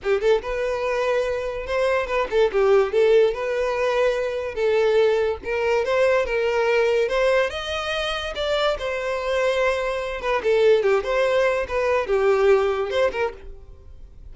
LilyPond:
\new Staff \with { instrumentName = "violin" } { \time 4/4 \tempo 4 = 144 g'8 a'8 b'2. | c''4 b'8 a'8 g'4 a'4 | b'2. a'4~ | a'4 ais'4 c''4 ais'4~ |
ais'4 c''4 dis''2 | d''4 c''2.~ | c''8 b'8 a'4 g'8 c''4. | b'4 g'2 c''8 ais'8 | }